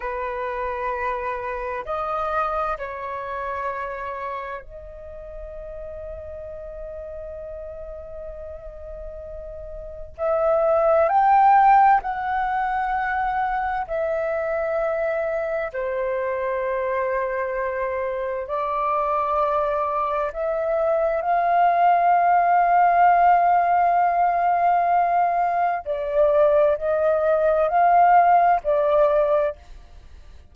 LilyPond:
\new Staff \with { instrumentName = "flute" } { \time 4/4 \tempo 4 = 65 b'2 dis''4 cis''4~ | cis''4 dis''2.~ | dis''2. e''4 | g''4 fis''2 e''4~ |
e''4 c''2. | d''2 e''4 f''4~ | f''1 | d''4 dis''4 f''4 d''4 | }